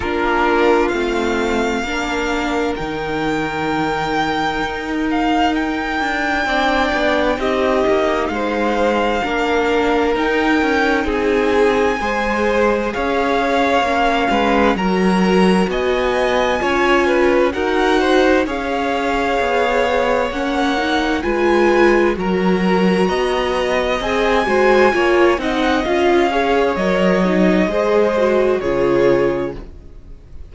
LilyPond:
<<
  \new Staff \with { instrumentName = "violin" } { \time 4/4 \tempo 4 = 65 ais'4 f''2 g''4~ | g''4. f''8 g''2 | dis''4 f''2 g''4 | gis''2 f''2 |
ais''4 gis''2 fis''4 | f''2 fis''4 gis''4 | ais''2 gis''4. fis''8 | f''4 dis''2 cis''4 | }
  \new Staff \with { instrumentName = "violin" } { \time 4/4 f'2 ais'2~ | ais'2. d''4 | g'4 c''4 ais'2 | gis'4 c''4 cis''4. b'8 |
ais'4 dis''4 cis''8 b'8 ais'8 c''8 | cis''2. b'4 | ais'4 dis''4. c''8 cis''8 dis''8~ | dis''8 cis''4. c''4 gis'4 | }
  \new Staff \with { instrumentName = "viola" } { \time 4/4 d'4 c'4 d'4 dis'4~ | dis'2. d'4 | dis'2 d'4 dis'4~ | dis'4 gis'2 cis'4 |
fis'2 f'4 fis'4 | gis'2 cis'8 dis'8 f'4 | fis'2 gis'8 fis'8 f'8 dis'8 | f'8 gis'8 ais'8 dis'8 gis'8 fis'8 f'4 | }
  \new Staff \with { instrumentName = "cello" } { \time 4/4 ais4 a4 ais4 dis4~ | dis4 dis'4. d'8 c'8 b8 | c'8 ais8 gis4 ais4 dis'8 cis'8 | c'4 gis4 cis'4 ais8 gis8 |
fis4 b4 cis'4 dis'4 | cis'4 b4 ais4 gis4 | fis4 b4 c'8 gis8 ais8 c'8 | cis'4 fis4 gis4 cis4 | }
>>